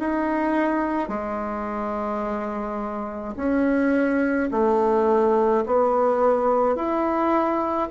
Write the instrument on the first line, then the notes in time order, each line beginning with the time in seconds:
bassoon
0.00 D#4
1.09 G#3
3.37 C#4
4.51 A3
5.67 B3
6.76 E4